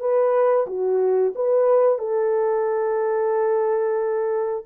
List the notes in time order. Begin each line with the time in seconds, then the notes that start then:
0.00 B4
0.67 F#4
1.35 B4
1.98 A4